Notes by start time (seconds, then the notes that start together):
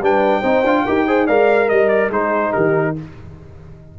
0.00 G3 D4 B4 G5
0.40 C4 D#4 C5
0.63 D4 F4
0.85 D#4 G4 A#4
1.07 G#4 C5
1.26 G#3 A#4 D5 F5
1.68 G3 D#5
1.89 D5
2.09 G#3 D#4 G#4 C5
2.52 D#3 G4 A#4